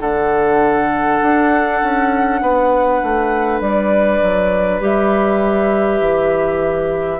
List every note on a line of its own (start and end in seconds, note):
0.00 1.20 D3
0.00 4.81 D4
0.00 2.41 A4
0.00 3.60 F#5
1.22 1.82 D4
1.82 2.42 C#4
2.42 3.02 B3
2.42 7.20 B4
3.03 3.61 A3
3.61 4.21 G3
3.61 4.82 D5
4.22 4.81 F#3
4.81 6.01 G3
4.81 7.20 G4
4.81 7.20 E5
6.01 7.20 E3